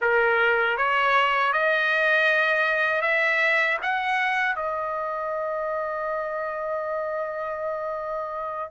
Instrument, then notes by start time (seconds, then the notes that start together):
trumpet
0.01 A#4
0.77 C#5
1.52 D#5
3.01 E5
3.82 F#5
4.55 D#5